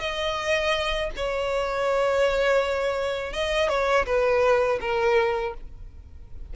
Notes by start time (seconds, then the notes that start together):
0.00 D#5
1.16 C#5
3.33 D#5
3.69 C#5
4.05 B4
4.80 A#4